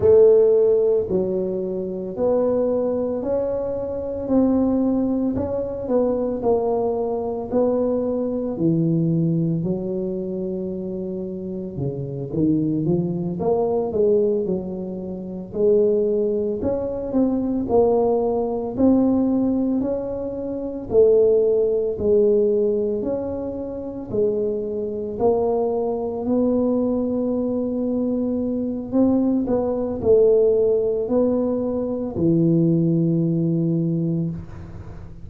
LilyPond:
\new Staff \with { instrumentName = "tuba" } { \time 4/4 \tempo 4 = 56 a4 fis4 b4 cis'4 | c'4 cis'8 b8 ais4 b4 | e4 fis2 cis8 dis8 | f8 ais8 gis8 fis4 gis4 cis'8 |
c'8 ais4 c'4 cis'4 a8~ | a8 gis4 cis'4 gis4 ais8~ | ais8 b2~ b8 c'8 b8 | a4 b4 e2 | }